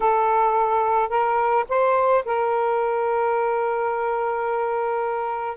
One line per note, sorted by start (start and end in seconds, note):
0.00 1.09 A4
1.09 1.64 A#4
1.68 2.24 C5
2.25 5.57 A#4